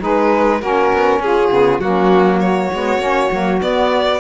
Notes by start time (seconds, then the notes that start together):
0.00 G#3 D#4 G#4 B4
0.59 A#3 C#4 F#4 A#4
0.93 B3
1.19 C#4 F4 G#4
1.50 C#3 B3
1.79 F#3 A#3 C#4 F#4
2.40 F#4 C#5
2.73 G#3 B3
2.98 A#3 C#4
3.31 F#3 A#3
3.60 B3 D5